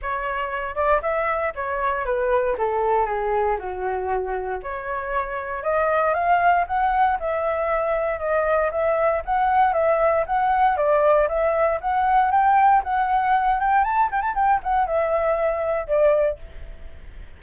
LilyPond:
\new Staff \with { instrumentName = "flute" } { \time 4/4 \tempo 4 = 117 cis''4. d''8 e''4 cis''4 | b'4 a'4 gis'4 fis'4~ | fis'4 cis''2 dis''4 | f''4 fis''4 e''2 |
dis''4 e''4 fis''4 e''4 | fis''4 d''4 e''4 fis''4 | g''4 fis''4. g''8 a''8 g''16 a''16 | g''8 fis''8 e''2 d''4 | }